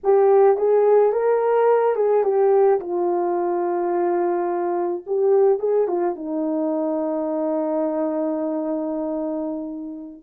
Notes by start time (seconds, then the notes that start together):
0.03 G4
0.57 G#4
1.12 A#4
1.95 G#4
2.23 G4
2.79 F4
5.06 G4
5.59 G#4
5.87 F4
6.15 D#4